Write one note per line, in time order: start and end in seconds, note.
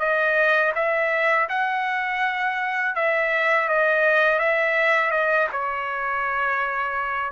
0.00 0.73 D#5
0.75 1.49 E5
1.50 2.96 F#5
2.96 3.69 E5
3.69 4.40 D#5
4.40 5.12 E5
5.12 5.48 D#5
5.53 7.32 C#5